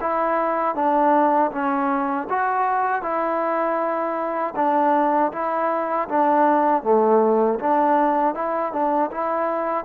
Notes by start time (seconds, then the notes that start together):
0.00 E4
0.75 D4
1.51 C#4
2.29 F#4
3.02 E4
4.55 D4
5.32 E4
6.08 D4
6.83 A3
7.59 D4
8.34 E4
8.72 D4
9.11 E4